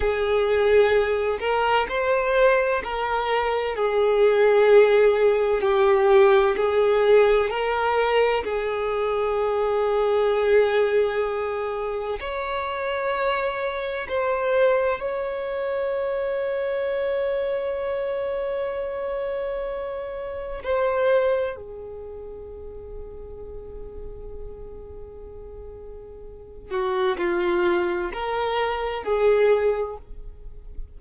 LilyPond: \new Staff \with { instrumentName = "violin" } { \time 4/4 \tempo 4 = 64 gis'4. ais'8 c''4 ais'4 | gis'2 g'4 gis'4 | ais'4 gis'2.~ | gis'4 cis''2 c''4 |
cis''1~ | cis''2 c''4 gis'4~ | gis'1~ | gis'8 fis'8 f'4 ais'4 gis'4 | }